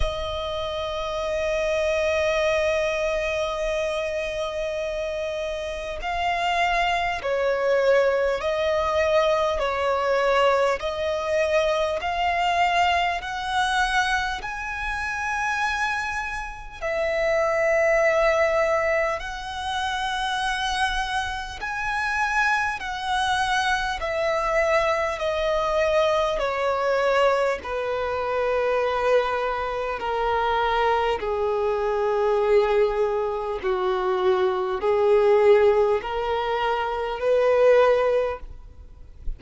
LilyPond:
\new Staff \with { instrumentName = "violin" } { \time 4/4 \tempo 4 = 50 dis''1~ | dis''4 f''4 cis''4 dis''4 | cis''4 dis''4 f''4 fis''4 | gis''2 e''2 |
fis''2 gis''4 fis''4 | e''4 dis''4 cis''4 b'4~ | b'4 ais'4 gis'2 | fis'4 gis'4 ais'4 b'4 | }